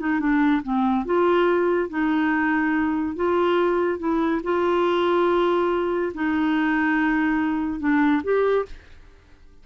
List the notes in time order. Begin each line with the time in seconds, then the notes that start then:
0.00 D#4
0.20 D4
0.63 C4
1.05 F4
1.90 D#4
3.16 F4
3.99 E4
4.43 F4
6.14 D#4
7.80 D4
8.23 G4